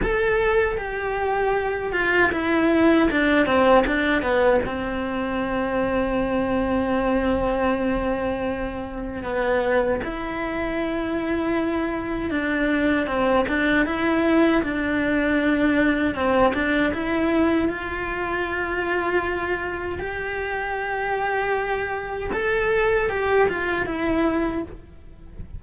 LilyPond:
\new Staff \with { instrumentName = "cello" } { \time 4/4 \tempo 4 = 78 a'4 g'4. f'8 e'4 | d'8 c'8 d'8 b8 c'2~ | c'1 | b4 e'2. |
d'4 c'8 d'8 e'4 d'4~ | d'4 c'8 d'8 e'4 f'4~ | f'2 g'2~ | g'4 a'4 g'8 f'8 e'4 | }